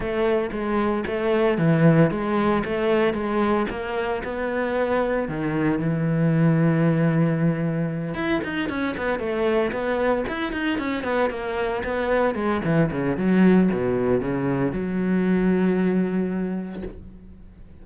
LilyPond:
\new Staff \with { instrumentName = "cello" } { \time 4/4 \tempo 4 = 114 a4 gis4 a4 e4 | gis4 a4 gis4 ais4 | b2 dis4 e4~ | e2.~ e8 e'8 |
dis'8 cis'8 b8 a4 b4 e'8 | dis'8 cis'8 b8 ais4 b4 gis8 | e8 cis8 fis4 b,4 cis4 | fis1 | }